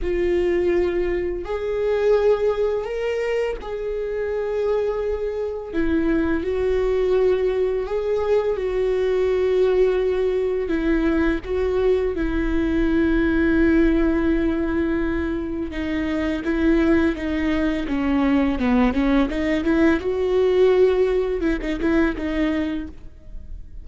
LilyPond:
\new Staff \with { instrumentName = "viola" } { \time 4/4 \tempo 4 = 84 f'2 gis'2 | ais'4 gis'2. | e'4 fis'2 gis'4 | fis'2. e'4 |
fis'4 e'2.~ | e'2 dis'4 e'4 | dis'4 cis'4 b8 cis'8 dis'8 e'8 | fis'2 e'16 dis'16 e'8 dis'4 | }